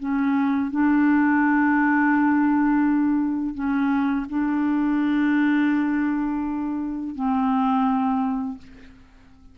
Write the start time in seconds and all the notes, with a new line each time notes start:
0.00 C#4
0.71 D4
3.55 C#4
4.30 D4
7.15 C4